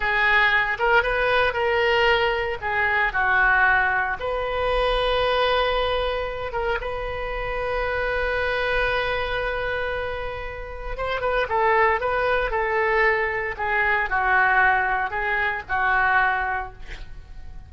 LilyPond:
\new Staff \with { instrumentName = "oboe" } { \time 4/4 \tempo 4 = 115 gis'4. ais'8 b'4 ais'4~ | ais'4 gis'4 fis'2 | b'1~ | b'8 ais'8 b'2.~ |
b'1~ | b'4 c''8 b'8 a'4 b'4 | a'2 gis'4 fis'4~ | fis'4 gis'4 fis'2 | }